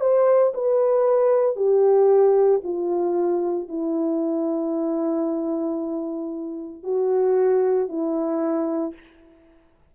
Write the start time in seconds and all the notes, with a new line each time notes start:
0.00 C5
0.54 B4
1.56 G4
2.63 F4
3.68 E4
6.83 F#4
7.88 E4